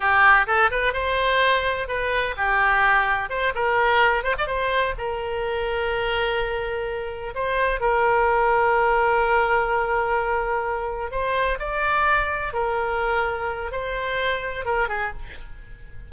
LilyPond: \new Staff \with { instrumentName = "oboe" } { \time 4/4 \tempo 4 = 127 g'4 a'8 b'8 c''2 | b'4 g'2 c''8 ais'8~ | ais'4 c''16 d''16 c''4 ais'4.~ | ais'2.~ ais'8 c''8~ |
c''8 ais'2.~ ais'8~ | ais'2.~ ais'8 c''8~ | c''8 d''2 ais'4.~ | ais'4 c''2 ais'8 gis'8 | }